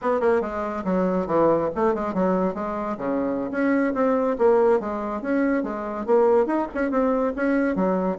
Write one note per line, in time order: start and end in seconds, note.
0.01 0.20 B3
0.20 0.41 A#3
0.41 0.83 G#3
0.84 1.26 F#3
1.26 1.69 E3
1.75 1.94 A3
1.94 2.14 G#3
2.14 2.54 F#3
2.54 2.97 G#3
2.97 3.50 C#3
3.51 3.93 C#4
3.94 4.36 C4
4.38 4.80 A#3
4.80 5.21 G#3
5.21 5.63 C#4
5.63 6.05 G#3
6.06 6.46 A#3
6.46 6.67 D#4
6.74 6.90 C#4
6.90 7.33 C4
7.36 7.75 C#4
7.75 8.18 F#3